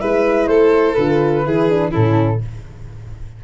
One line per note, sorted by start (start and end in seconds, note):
0.00 0.48 G#3
0.00 0.97 E4
0.00 0.49 B4
0.00 0.47 E5
0.47 0.96 A3
0.47 1.45 A4
0.47 0.94 C5
0.94 1.45 D3
0.94 1.45 F4
0.94 1.91 B4
1.45 1.94 E3
1.45 1.70 E4
1.45 1.91 G#4
1.70 1.91 D4
1.91 2.44 A2
1.91 2.40 C#4
1.91 2.39 E4
1.91 2.42 A4